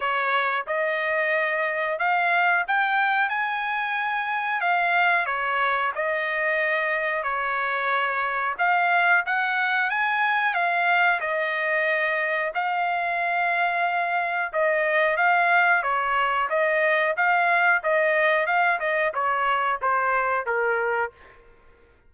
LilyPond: \new Staff \with { instrumentName = "trumpet" } { \time 4/4 \tempo 4 = 91 cis''4 dis''2 f''4 | g''4 gis''2 f''4 | cis''4 dis''2 cis''4~ | cis''4 f''4 fis''4 gis''4 |
f''4 dis''2 f''4~ | f''2 dis''4 f''4 | cis''4 dis''4 f''4 dis''4 | f''8 dis''8 cis''4 c''4 ais'4 | }